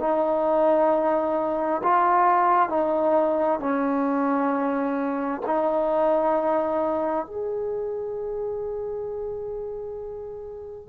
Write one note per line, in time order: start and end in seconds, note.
0.00 1.82 D#4
1.84 2.70 F4
2.70 3.60 D#4
3.60 5.42 C#4
5.46 7.26 D#4
7.26 10.89 G#4